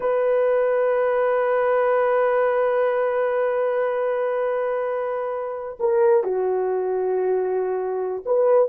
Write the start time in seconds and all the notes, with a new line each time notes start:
0.00 B4
5.79 A#4
6.23 F#4
8.25 B4